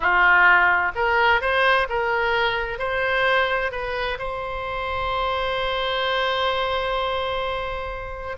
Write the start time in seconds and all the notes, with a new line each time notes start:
0.00 F4
0.95 A#4
1.41 C5
1.89 A#4
2.78 C5
3.71 B4
4.18 C5